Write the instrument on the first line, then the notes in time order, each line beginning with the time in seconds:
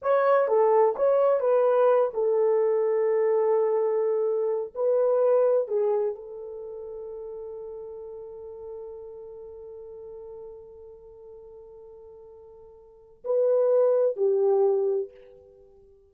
horn
0.02 C#5
0.47 A4
0.96 C#5
1.40 B4
2.13 A4
4.75 B4
5.68 G#4
6.15 A4
13.24 B4
14.16 G4